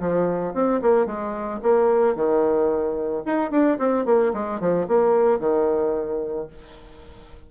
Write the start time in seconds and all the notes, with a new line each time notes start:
0.00 F3
0.54 C4
0.82 A#3
1.06 G#3
1.62 A#3
2.15 D#3
3.25 D#4
3.51 D4
3.78 C4
4.05 A#3
4.33 G#3
4.60 F3
4.88 A#3
5.39 D#3